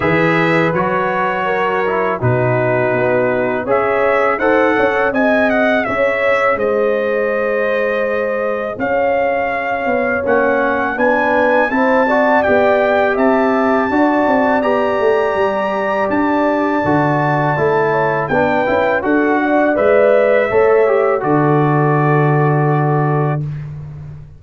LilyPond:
<<
  \new Staff \with { instrumentName = "trumpet" } { \time 4/4 \tempo 4 = 82 e''4 cis''2 b'4~ | b'4 e''4 fis''4 gis''8 fis''8 | e''4 dis''2. | f''2 fis''4 gis''4 |
a''4 g''4 a''2 | ais''2 a''2~ | a''4 g''4 fis''4 e''4~ | e''4 d''2. | }
  \new Staff \with { instrumentName = "horn" } { \time 4/4 b'2 ais'4 fis'4~ | fis'4 cis''4 c''8 cis''8 dis''4 | cis''4 c''2. | cis''2. b'4 |
c''8 d''4. e''4 d''4~ | d''1~ | d''8 cis''8 b'4 a'8 d''4. | cis''4 a'2. | }
  \new Staff \with { instrumentName = "trombone" } { \time 4/4 gis'4 fis'4. e'8 dis'4~ | dis'4 gis'4 a'4 gis'4~ | gis'1~ | gis'2 cis'4 d'4 |
e'8 fis'8 g'2 fis'4 | g'2. fis'4 | e'4 d'8 e'8 fis'4 b'4 | a'8 g'8 fis'2. | }
  \new Staff \with { instrumentName = "tuba" } { \time 4/4 e4 fis2 b,4 | b4 cis'4 dis'8 cis'8 c'4 | cis'4 gis2. | cis'4. b8 ais4 b4 |
c'4 b4 c'4 d'8 c'8 | b8 a8 g4 d'4 d4 | a4 b8 cis'8 d'4 gis4 | a4 d2. | }
>>